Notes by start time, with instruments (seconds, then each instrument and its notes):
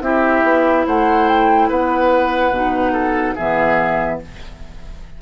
0.00 bassoon C4, clarinet E4, oboe G4, flute E5
0.43 bassoon B3
0.86 bassoon A3, oboe C5, flute F#5
1.28 flute G5
1.68 bassoon B3, oboe B4, flute F#5
2.51 bassoon B2, clarinet D#4
2.92 oboe A4
3.35 bassoon E3, clarinet B3, oboe G#4, flute E5